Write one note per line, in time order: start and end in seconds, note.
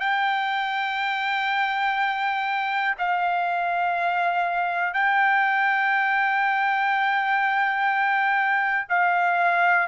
0.00 2.95 G5
2.99 4.94 F5
4.94 8.87 G5
8.89 9.88 F5